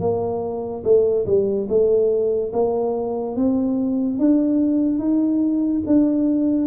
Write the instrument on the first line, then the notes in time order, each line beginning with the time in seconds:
tuba
0.00 A#3
0.84 A3
1.26 G3
1.69 A3
2.53 A#3
3.36 C4
4.19 D4
4.99 D#4
5.86 D4